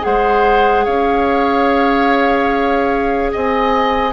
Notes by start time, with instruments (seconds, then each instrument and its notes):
0.00 bassoon G#3, clarinet G#4, oboe C5, flute F#5
0.85 bassoon C#4, oboe C#5, flute F5
3.32 bassoon C4, oboe D#5, flute G#5